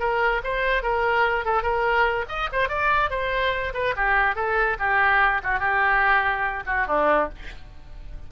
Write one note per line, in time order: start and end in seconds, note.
0.00 0.42 A#4
0.44 0.83 C5
0.83 1.45 A#4
1.45 1.63 A4
1.63 2.26 A#4
2.29 2.50 D#5
2.53 2.69 C5
2.69 3.11 D5
3.11 3.73 C5
3.74 3.95 B4
3.97 4.36 G4
4.36 4.77 A4
4.79 5.42 G4
5.44 5.60 F#4
5.60 6.64 G4
6.66 6.87 F#4
6.87 7.29 D4